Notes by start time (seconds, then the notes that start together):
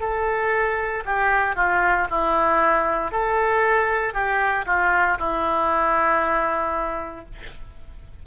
0.00 A4
1.05 G4
1.56 F4
2.10 E4
3.11 A4
4.13 G4
4.66 F4
5.18 E4